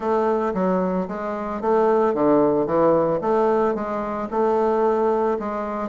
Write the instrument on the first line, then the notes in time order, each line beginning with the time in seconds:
bassoon
0.00 A3
0.54 F#3
1.07 G#3
1.61 A3
2.14 D3
2.66 E3
3.21 A3
3.75 G#3
4.31 A3
5.39 G#3